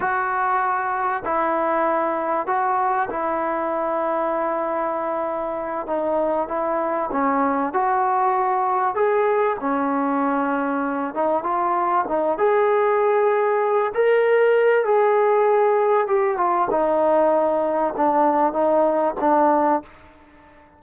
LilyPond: \new Staff \with { instrumentName = "trombone" } { \time 4/4 \tempo 4 = 97 fis'2 e'2 | fis'4 e'2.~ | e'4. dis'4 e'4 cis'8~ | cis'8 fis'2 gis'4 cis'8~ |
cis'2 dis'8 f'4 dis'8 | gis'2~ gis'8 ais'4. | gis'2 g'8 f'8 dis'4~ | dis'4 d'4 dis'4 d'4 | }